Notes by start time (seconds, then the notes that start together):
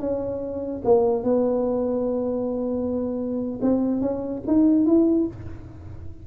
0.00 C#4
0.85 A#3
1.24 B3
3.62 C4
4.02 C#4
4.48 D#4
4.86 E4